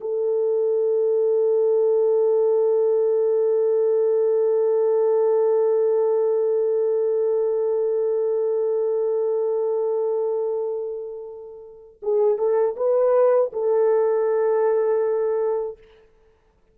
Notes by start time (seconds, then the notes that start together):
0.00 A4
12.02 G#4
12.38 A4
12.76 B4
13.52 A4